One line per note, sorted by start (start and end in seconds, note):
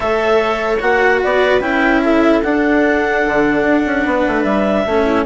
0.00 0.80 A3
0.00 0.77 A4
0.00 1.20 C#5
0.00 0.78 E5
0.79 1.22 A#3
0.79 1.60 F#4
0.79 1.21 F#5
1.20 1.60 B3
1.20 2.01 B4
1.20 1.60 D5
1.60 2.41 C#4
1.60 2.42 E4
1.60 2.01 G5
2.02 4.02 A4
2.02 2.42 E5
2.42 3.24 D4
2.42 4.87 D4
2.42 4.43 F#5
3.26 3.62 D3
3.62 3.82 D4
3.85 4.05 C#4
4.02 4.25 B3
4.02 4.84 B4
4.27 4.43 A3
4.43 4.84 G3
4.43 5.24 E5
4.85 5.25 A3
4.85 5.25 C#4
4.85 5.05 A4
5.05 5.25 E4